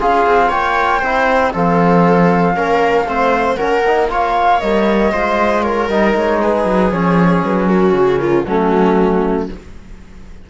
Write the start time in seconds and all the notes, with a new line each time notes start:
0.00 C#4 F4 G#4 F5
0.26 C4
0.49 A#3 C#5 G5
1.00 C4 E4 C5
1.53 F3 C4 A4 F5
2.55 A#3 C#4 A#4
3.05 A3 C4 C5
3.56 A#3 C#4 A#4 F#5
3.87 D#4
4.10 F4 C#5 F5
4.60 G3 A#3 D#5
5.12 G#3 F4 C5
5.63 A#4 C#5
5.89 G3 D#4 D#5
6.16 G#3 C#5
6.42 G#4 B4
6.65 F#3
6.92 F3 C#4 C#5
7.44 F#3 B4
7.67 F#4 A#4
7.94 C#3 G#4
8.19 F4 A#4
8.44 F#3 A3 C#4 F#4